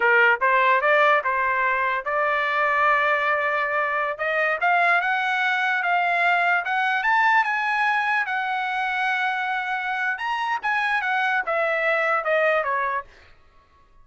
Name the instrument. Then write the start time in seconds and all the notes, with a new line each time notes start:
trumpet
0.00 A#4
0.41 C5
0.81 D5
1.24 C5
2.05 D5
4.18 D#5
4.60 F5
5.01 F#5
5.82 F5
6.65 F#5
7.03 A5
7.44 G#5
8.26 F#5
10.18 A#5
10.62 G#5
11.01 F#5
11.45 E5
12.24 D#5
12.63 C#5